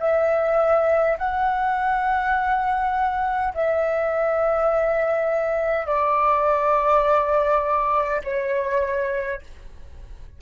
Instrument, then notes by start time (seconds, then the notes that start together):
flute
0.00 E5
1.19 F#5
3.55 E5
5.87 D5
8.25 C#5